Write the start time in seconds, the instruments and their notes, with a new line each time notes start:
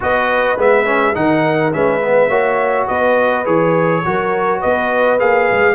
0.00 tuba B3, trombone F#4, horn B4, trumpet D#5
0.57 tuba G#3, trombone B3, trumpet E5
0.85 trombone C#4
1.14 tuba D#3, trombone D#4, horn A#4, trumpet F#5
1.72 tuba G#3, trombone C#4, horn B4, trumpet E5
2.01 trombone B3
2.28 tuba A#3, trombone F#4, horn C#5
2.87 tuba B3, horn B4, trumpet D#5
3.45 tuba E3, trombone G#4, trumpet C#5
4.05 tuba F#3, trombone F#4, horn A#4
4.59 tuba B3, horn B4, trumpet D#5
5.19 tuba A#3, trombone G#4, trumpet F5
5.51 tuba G#3